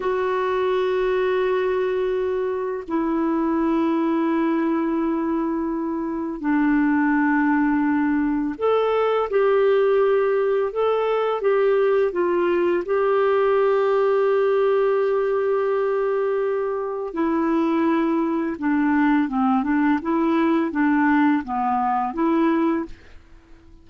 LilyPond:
\new Staff \with { instrumentName = "clarinet" } { \time 4/4 \tempo 4 = 84 fis'1 | e'1~ | e'4 d'2. | a'4 g'2 a'4 |
g'4 f'4 g'2~ | g'1 | e'2 d'4 c'8 d'8 | e'4 d'4 b4 e'4 | }